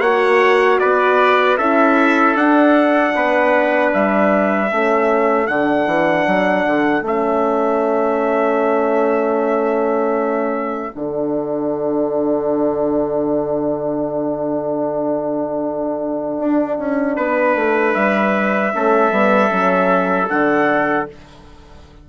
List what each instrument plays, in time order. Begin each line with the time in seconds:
0.00 bassoon A#3, horn F#4, trumpet C#5 F#5
0.79 bassoon B3, trumpet B4 D5
1.57 bassoon C#4, horn E4, trumpet A4 E5
2.35 bassoon D4, horn D4, trumpet F#5
3.15 bassoon B3, trumpet B4
3.93 bassoon G3, trumpet E5
4.70 bassoon A3, horn C#4, trumpet A4
5.47 bassoon D3, horn D4, trumpet F#5
5.86 bassoon E3
6.27 bassoon F#3
6.67 bassoon D3
7.02 bassoon A3, horn C#4, trumpet E5
10.95 bassoon D3, horn D4, trumpet F#5
16.39 bassoon D4
16.78 bassoon C#4
17.16 bassoon B3, trumpet B4
17.56 bassoon A3
17.94 bassoon G3, trumpet E5
18.73 bassoon A3, horn C#4, trumpet A4
19.11 bassoon G3, horn B3
19.49 bassoon F#3, horn C#4
20.29 bassoon D3, horn D4, trumpet F#5